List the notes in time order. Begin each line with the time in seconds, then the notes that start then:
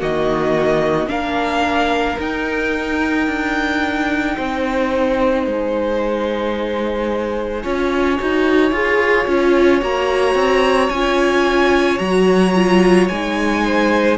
0.00 D#3 A#3 F#4 D#5
1.08 A#3 D4 A#4 F5
2.19 D#4 G5
3.27 D4
4.36 C4 C5
5.46 G#3 G#5
7.63 C#4 F4 C#5
8.18 D#4 F#4
8.72 F4 G#4
9.27 C#4 F4
9.82 A#3 F#4 A#5
10.35 C4
10.90 C#4 F4 G#5
11.99 F#3 F#4 A#5
12.55 F4
13.08 G#3 D#4 G#5
13.65 C5